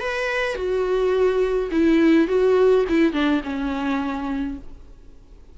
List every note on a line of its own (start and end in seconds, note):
0.00 0.55 B4
0.55 1.69 F#4
1.71 2.28 E4
2.28 2.85 F#4
2.89 3.13 E4
3.13 3.41 D4
3.44 4.58 C#4